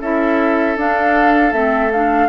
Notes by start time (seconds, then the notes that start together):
0.00 C#4 E4 A4 E5
0.76 D4 F5
1.52 A3 C4 E5
1.92 D4 F5